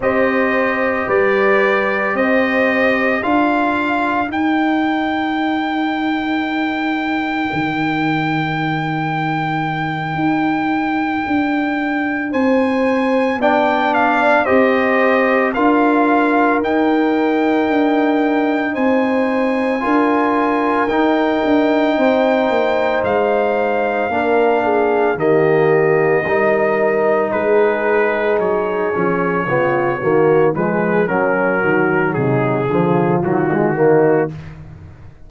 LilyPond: <<
  \new Staff \with { instrumentName = "trumpet" } { \time 4/4 \tempo 4 = 56 dis''4 d''4 dis''4 f''4 | g''1~ | g''2.~ g''8 gis''8~ | gis''8 g''8 f''8 dis''4 f''4 g''8~ |
g''4. gis''2 g''8~ | g''4. f''2 dis''8~ | dis''4. b'4 cis''4.~ | cis''8 b'8 ais'4 gis'4 fis'4 | }
  \new Staff \with { instrumentName = "horn" } { \time 4/4 c''4 b'4 c''4 ais'4~ | ais'1~ | ais'2.~ ais'8 c''8~ | c''8 d''4 c''4 ais'4.~ |
ais'4. c''4 ais'4.~ | ais'8 c''2 ais'8 gis'8 g'8~ | g'8 ais'4 gis'2 f'8 | fis'8 gis'8 cis'8 fis'8 dis'8 f'4 dis'8 | }
  \new Staff \with { instrumentName = "trombone" } { \time 4/4 g'2. f'4 | dis'1~ | dis'1~ | dis'8 d'4 g'4 f'4 dis'8~ |
dis'2~ dis'8 f'4 dis'8~ | dis'2~ dis'8 d'4 ais8~ | ais8 dis'2~ dis'8 cis'8 b8 | ais8 gis8 fis4. f8 fis16 gis16 ais8 | }
  \new Staff \with { instrumentName = "tuba" } { \time 4/4 c'4 g4 c'4 d'4 | dis'2. dis4~ | dis4. dis'4 d'4 c'8~ | c'8 b4 c'4 d'4 dis'8~ |
dis'8 d'4 c'4 d'4 dis'8 | d'8 c'8 ais8 gis4 ais4 dis8~ | dis8 g4 gis4 fis8 f8 cis8 | dis8 f8 fis8 dis8 c8 d8 dis4 | }
>>